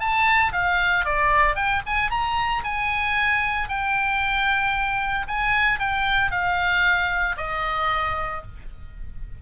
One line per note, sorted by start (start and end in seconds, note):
0.00 0.53 A5
0.53 1.05 F5
1.05 1.56 D5
1.56 1.82 G5
1.87 2.11 G#5
2.11 2.63 A#5
2.64 3.69 G#5
3.69 5.27 G5
5.28 5.79 G#5
5.79 6.31 G5
6.31 7.37 F5
7.37 8.42 D#5